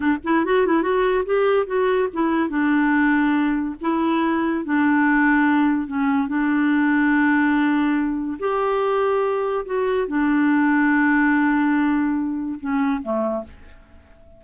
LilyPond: \new Staff \with { instrumentName = "clarinet" } { \time 4/4 \tempo 4 = 143 d'8 e'8 fis'8 e'8 fis'4 g'4 | fis'4 e'4 d'2~ | d'4 e'2 d'4~ | d'2 cis'4 d'4~ |
d'1 | g'2. fis'4 | d'1~ | d'2 cis'4 a4 | }